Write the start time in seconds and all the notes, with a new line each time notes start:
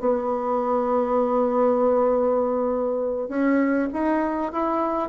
0.00 B3
3.29 C#4
3.93 D#4
4.52 E4